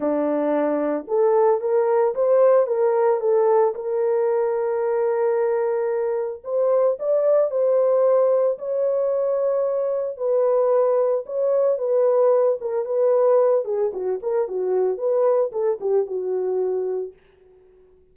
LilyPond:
\new Staff \with { instrumentName = "horn" } { \time 4/4 \tempo 4 = 112 d'2 a'4 ais'4 | c''4 ais'4 a'4 ais'4~ | ais'1 | c''4 d''4 c''2 |
cis''2. b'4~ | b'4 cis''4 b'4. ais'8 | b'4. gis'8 fis'8 ais'8 fis'4 | b'4 a'8 g'8 fis'2 | }